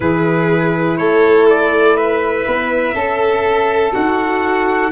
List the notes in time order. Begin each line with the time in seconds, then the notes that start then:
0.00 E3 E4 G#4 B4
0.97 A3 A4 C#5
1.49 D5
1.96 B4 E5
2.47 B3
2.93 C#4 A4
3.92 D#4 F#4 F#5